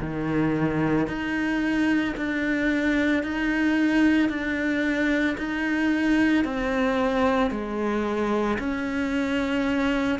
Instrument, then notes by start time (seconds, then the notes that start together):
cello
0.00 D#3
1.07 D#4
2.17 D4
3.23 D#4
4.29 D4
5.37 D#4
6.44 C4
7.50 G#3
8.58 C#4